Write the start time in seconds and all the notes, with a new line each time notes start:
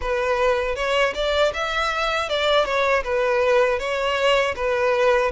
0.01 B4
0.75 C#5
1.14 D5
1.53 E5
2.29 D5
2.65 C#5
3.03 B4
3.79 C#5
4.55 B4